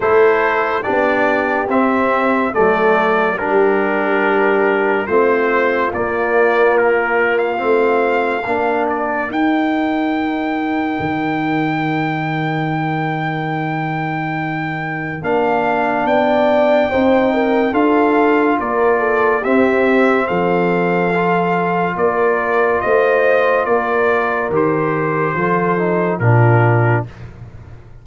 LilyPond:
<<
  \new Staff \with { instrumentName = "trumpet" } { \time 4/4 \tempo 4 = 71 c''4 d''4 e''4 d''4 | ais'2 c''4 d''4 | ais'8. f''4.~ f''16 d''8 g''4~ | g''1~ |
g''2 f''4 g''4~ | g''4 f''4 d''4 e''4 | f''2 d''4 dis''4 | d''4 c''2 ais'4 | }
  \new Staff \with { instrumentName = "horn" } { \time 4/4 a'4 g'2 a'4 | g'2 f'2~ | f'2 ais'2~ | ais'1~ |
ais'2. d''4 | c''8 ais'8 a'4 ais'8 a'8 g'4 | a'2 ais'4 c''4 | ais'2 a'4 f'4 | }
  \new Staff \with { instrumentName = "trombone" } { \time 4/4 e'4 d'4 c'4 a4 | d'2 c'4 ais4~ | ais4 c'4 d'4 dis'4~ | dis'1~ |
dis'2 d'2 | dis'4 f'2 c'4~ | c'4 f'2.~ | f'4 g'4 f'8 dis'8 d'4 | }
  \new Staff \with { instrumentName = "tuba" } { \time 4/4 a4 b4 c'4 fis4 | g2 a4 ais4~ | ais4 a4 ais4 dis'4~ | dis'4 dis2.~ |
dis2 ais4 b4 | c'4 d'4 ais4 c'4 | f2 ais4 a4 | ais4 dis4 f4 ais,4 | }
>>